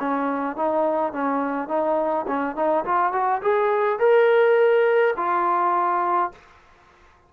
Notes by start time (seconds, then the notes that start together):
0.00 C#4
0.57 D#4
1.13 C#4
1.69 D#4
2.28 C#4
2.56 D#4
2.86 F4
3.13 F#4
3.42 G#4
3.99 A#4
5.17 F4